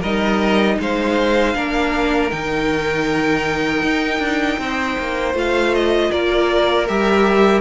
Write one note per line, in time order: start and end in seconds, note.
0.00 0.78 G3
0.00 1.54 D#4
0.00 0.76 A#4
0.00 0.78 D#5
0.79 1.55 G#3
0.79 1.55 C5
0.79 2.30 F5
1.54 2.31 A#3
1.54 2.30 D4
1.54 4.59 A#4
2.30 3.82 D#3
2.30 5.34 D#4
2.30 5.34 G5
3.82 4.19 D#4
4.19 4.57 D4
4.58 4.96 C4
4.58 6.11 C5
4.99 5.33 A#3
5.33 6.09 A3
5.33 6.86 F4
5.33 5.74 F5
5.74 6.11 D#5
6.11 6.89 A#3
6.11 7.61 A#4
6.11 6.87 D5
6.88 7.61 G3
6.88 7.61 G4
6.88 7.61 E5